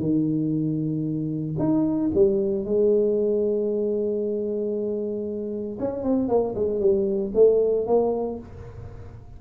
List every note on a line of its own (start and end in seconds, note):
0.00 1.57 D#3
1.59 2.11 D#4
2.15 2.65 G3
2.65 5.78 G#3
5.80 6.04 C#4
6.04 6.29 C4
6.29 6.55 A#3
6.56 6.80 G#3
6.80 7.33 G3
7.35 7.87 A3
7.87 8.40 A#3